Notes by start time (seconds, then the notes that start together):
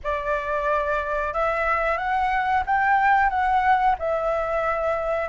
0.03 D5
1.33 E5
1.98 F#5
2.66 G5
3.29 F#5
3.98 E5